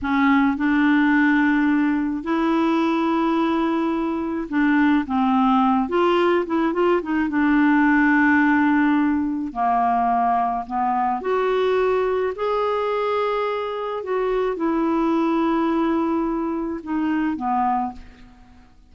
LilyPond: \new Staff \with { instrumentName = "clarinet" } { \time 4/4 \tempo 4 = 107 cis'4 d'2. | e'1 | d'4 c'4. f'4 e'8 | f'8 dis'8 d'2.~ |
d'4 ais2 b4 | fis'2 gis'2~ | gis'4 fis'4 e'2~ | e'2 dis'4 b4 | }